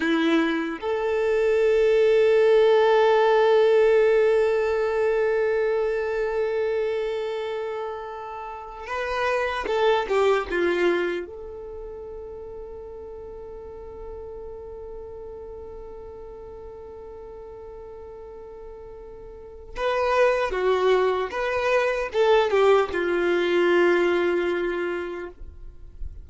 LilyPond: \new Staff \with { instrumentName = "violin" } { \time 4/4 \tempo 4 = 76 e'4 a'2.~ | a'1~ | a'2.~ a'16 b'8.~ | b'16 a'8 g'8 f'4 a'4.~ a'16~ |
a'1~ | a'1~ | a'4 b'4 fis'4 b'4 | a'8 g'8 f'2. | }